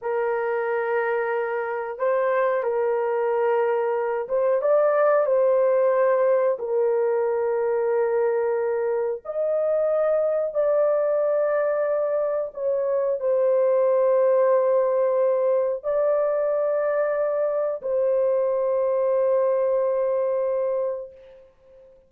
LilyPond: \new Staff \with { instrumentName = "horn" } { \time 4/4 \tempo 4 = 91 ais'2. c''4 | ais'2~ ais'8 c''8 d''4 | c''2 ais'2~ | ais'2 dis''2 |
d''2. cis''4 | c''1 | d''2. c''4~ | c''1 | }